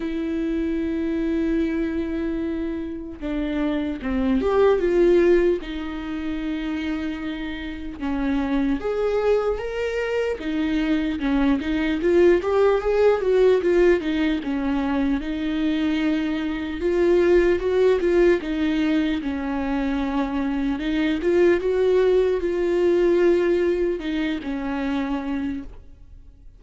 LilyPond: \new Staff \with { instrumentName = "viola" } { \time 4/4 \tempo 4 = 75 e'1 | d'4 c'8 g'8 f'4 dis'4~ | dis'2 cis'4 gis'4 | ais'4 dis'4 cis'8 dis'8 f'8 g'8 |
gis'8 fis'8 f'8 dis'8 cis'4 dis'4~ | dis'4 f'4 fis'8 f'8 dis'4 | cis'2 dis'8 f'8 fis'4 | f'2 dis'8 cis'4. | }